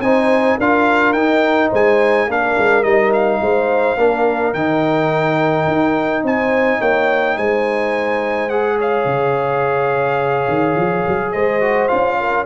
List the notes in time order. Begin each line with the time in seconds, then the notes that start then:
0.00 C4 D#4 C5 G#5
0.58 D4 F4 A#4 F5
1.13 D#4 G5
1.70 G#3 C5 G#5
2.27 A#3 D4 A#4 F5
2.58 G#3
2.84 G3 D#4 D#5
3.14 F5
3.42 G#3 C5
3.98 A#3 D4 A#4
4.54 D#3 D#4 G5
5.68 D#4
6.24 C4 C5 G#5
6.80 A#3 C#5 G5
7.38 G#3 C5 G#5
8.50 G#4 F#5
8.78 C#5 F5
9.06 C#3
10.48 D#3
10.75 F3
11.08 F#3
11.33 G#3 C5 D#5
11.61 F#4
11.89 C#4 F4 F5
12.20 A#4